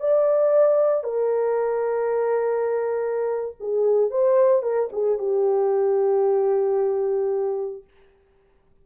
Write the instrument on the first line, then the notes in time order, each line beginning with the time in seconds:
horn
0.00 D5
1.04 A#4
3.60 G#4
4.11 C5
4.62 A#4
4.93 G#4
5.18 G4